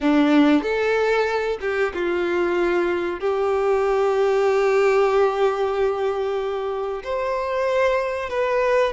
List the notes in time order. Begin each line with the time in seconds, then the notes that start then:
0.01 D4
0.62 A4
1.60 G4
1.94 F4
3.19 G4
7.03 C5
8.29 B4